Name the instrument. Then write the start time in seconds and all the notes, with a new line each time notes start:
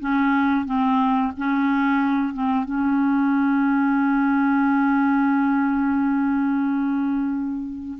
clarinet
0.00 C#4
0.66 C4
1.37 C#4
2.34 C4
2.65 C#4